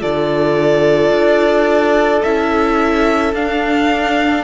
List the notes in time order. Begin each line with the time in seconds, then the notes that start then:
0.00 D3 F4 A4 D5
1.11 D4
2.24 C#4 E4 E5
3.34 D4 F5